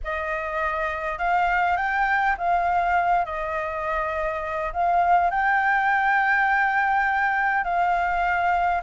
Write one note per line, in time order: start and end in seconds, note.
0.04 1.18 D#5
1.18 1.76 F5
1.76 2.35 G5
2.37 3.25 F5
3.25 4.72 D#5
4.72 5.30 F5
5.30 7.64 G5
7.64 8.81 F5